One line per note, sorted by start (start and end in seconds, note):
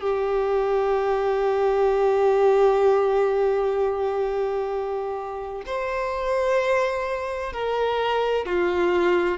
0.00 5.62 G4
5.65 7.53 C5
7.53 8.45 A#4
8.45 9.37 F4